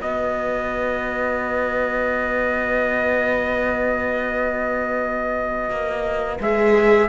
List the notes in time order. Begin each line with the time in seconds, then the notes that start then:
0.00 B3 F#4 B4 D#5
5.70 A#3
6.40 G#3 G#4 E5